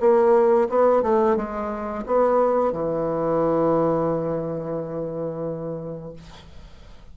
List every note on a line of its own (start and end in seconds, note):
0.00 0.68 A#3
0.69 1.03 B3
1.03 1.36 A3
1.36 2.05 G#3
2.06 2.72 B3
2.72 6.13 E3